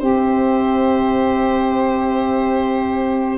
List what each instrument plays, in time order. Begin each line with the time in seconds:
0.00 tuba C4, saxophone G4, viola C5, trumpet E5